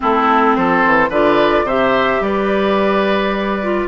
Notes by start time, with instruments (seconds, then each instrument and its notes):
0.00 bassoon A3, clarinet C4, oboe E4, flute A4
0.55 bassoon F3, oboe A4, flute C5
0.85 bassoon E3
1.09 bassoon D3, clarinet F4, oboe B4, flute D5
1.63 bassoon C3, clarinet G4, oboe C5, flute E5
2.20 bassoon G3, oboe B4, flute D5
3.62 clarinet F4